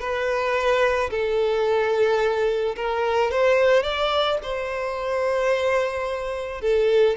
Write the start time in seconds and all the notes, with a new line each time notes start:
0.00 B4
1.10 A4
2.76 A#4
3.31 C5
3.83 D5
4.43 C5
6.61 A4